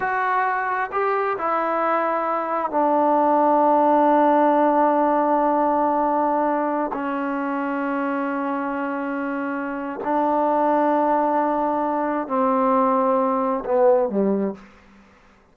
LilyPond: \new Staff \with { instrumentName = "trombone" } { \time 4/4 \tempo 4 = 132 fis'2 g'4 e'4~ | e'2 d'2~ | d'1~ | d'2.~ d'16 cis'8.~ |
cis'1~ | cis'2 d'2~ | d'2. c'4~ | c'2 b4 g4 | }